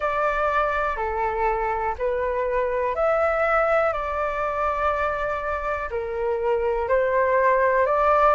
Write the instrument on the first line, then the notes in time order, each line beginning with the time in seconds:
flute
0.00 D5
0.96 A4
1.98 B4
2.95 E5
3.93 D5
5.90 A#4
6.88 C5
7.86 D5